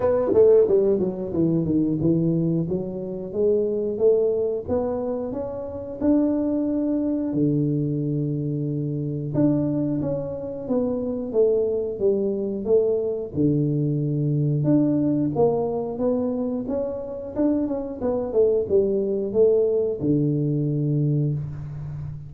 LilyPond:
\new Staff \with { instrumentName = "tuba" } { \time 4/4 \tempo 4 = 90 b8 a8 g8 fis8 e8 dis8 e4 | fis4 gis4 a4 b4 | cis'4 d'2 d4~ | d2 d'4 cis'4 |
b4 a4 g4 a4 | d2 d'4 ais4 | b4 cis'4 d'8 cis'8 b8 a8 | g4 a4 d2 | }